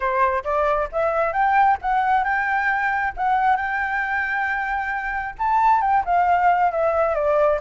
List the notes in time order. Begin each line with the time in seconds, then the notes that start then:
0.00 C5
0.44 D5
0.92 E5
1.32 G5
1.81 F#5
2.23 G5
3.16 F#5
3.56 G5
5.38 A5
5.81 G5
6.05 F5
6.71 E5
7.15 D5